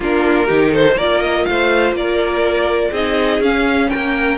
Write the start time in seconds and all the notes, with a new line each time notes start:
0.00 A#3 D4 F4 A#4
0.45 D#3 D#4 G4
0.70 A4 C5
0.96 A#3 F4 A#4 D5
1.20 D#5
1.44 A3 C5 F5
1.92 A#3 A#4 D5
2.90 C4 D#4 G#4 D#5
3.39 C#4 F5
3.89 A#3 A#4 G5